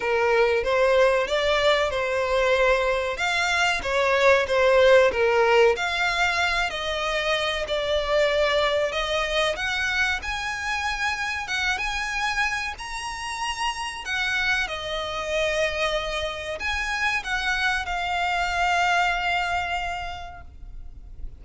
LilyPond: \new Staff \with { instrumentName = "violin" } { \time 4/4 \tempo 4 = 94 ais'4 c''4 d''4 c''4~ | c''4 f''4 cis''4 c''4 | ais'4 f''4. dis''4. | d''2 dis''4 fis''4 |
gis''2 fis''8 gis''4. | ais''2 fis''4 dis''4~ | dis''2 gis''4 fis''4 | f''1 | }